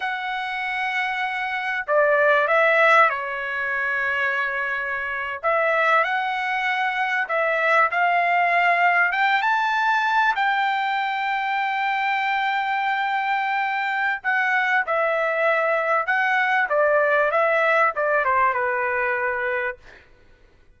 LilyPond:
\new Staff \with { instrumentName = "trumpet" } { \time 4/4 \tempo 4 = 97 fis''2. d''4 | e''4 cis''2.~ | cis''8. e''4 fis''2 e''16~ | e''8. f''2 g''8 a''8.~ |
a''8. g''2.~ g''16~ | g''2. fis''4 | e''2 fis''4 d''4 | e''4 d''8 c''8 b'2 | }